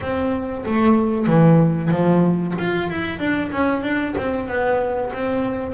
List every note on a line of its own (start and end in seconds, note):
0.01 0.64 C4
0.65 1.26 A3
1.26 1.90 E3
1.91 2.54 F3
2.58 2.90 F4
2.90 3.19 E4
3.19 3.50 D4
3.51 3.83 C#4
3.83 4.15 D4
4.17 4.48 C4
4.48 5.12 B3
5.12 5.74 C4